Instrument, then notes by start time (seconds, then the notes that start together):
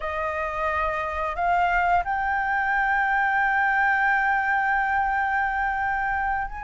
flute
0.00 D#5
1.35 F5
2.04 G5
6.47 G#5